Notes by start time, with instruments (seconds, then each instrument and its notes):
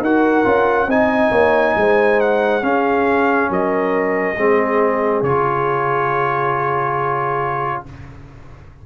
0.00 tuba D#4, trombone F#4, horn A#4, trumpet F#5
0.44 tuba C#4, trombone F4
0.87 tuba C4, trombone D#4, horn D#5, trumpet G#5
1.31 tuba A#3, horn C#5
1.76 tuba G#3, horn C5
2.20 trumpet F#5
2.61 trombone C#4, tuba C#4, horn G#4, trumpet F5
3.49 tuba F#3, horn A#4, trumpet D#5
4.37 tuba G#3, trombone C4, horn G#4
5.22 tuba C#3, trombone F4, trumpet C#5